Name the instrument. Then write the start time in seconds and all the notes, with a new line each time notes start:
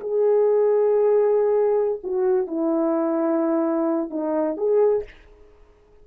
horn
0.00 G#4
2.03 F#4
2.47 E4
4.10 D#4
4.57 G#4